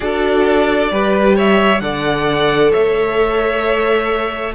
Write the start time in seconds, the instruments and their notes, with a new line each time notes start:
0.00 cello D4, viola F#4, violin A4 D5
0.91 cello G3, viola G4, violin B4
1.36 violin C#5 E5
1.80 cello D3, viola A4, violin D5 F#5
2.71 cello A3, violin C#5 E5